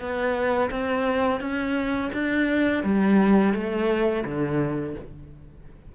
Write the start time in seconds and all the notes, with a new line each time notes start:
0.00 B3
0.71 C4
1.41 C#4
2.14 D4
2.84 G3
3.54 A3
4.25 D3